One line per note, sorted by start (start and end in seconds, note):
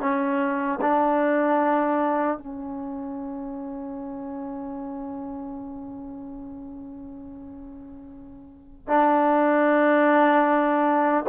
0.00 0.79 C#4
0.81 2.38 D4
2.38 8.87 C#4
8.87 11.24 D4